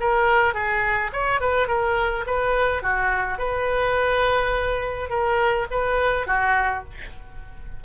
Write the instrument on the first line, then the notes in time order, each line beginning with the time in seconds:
oboe
0.00 A#4
0.54 G#4
1.12 C#5
1.40 B4
1.68 A#4
2.26 B4
2.82 F#4
3.38 B4
5.10 A#4
5.71 B4
6.26 F#4